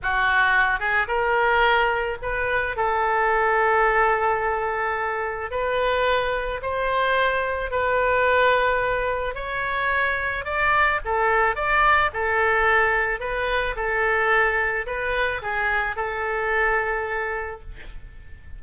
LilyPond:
\new Staff \with { instrumentName = "oboe" } { \time 4/4 \tempo 4 = 109 fis'4. gis'8 ais'2 | b'4 a'2.~ | a'2 b'2 | c''2 b'2~ |
b'4 cis''2 d''4 | a'4 d''4 a'2 | b'4 a'2 b'4 | gis'4 a'2. | }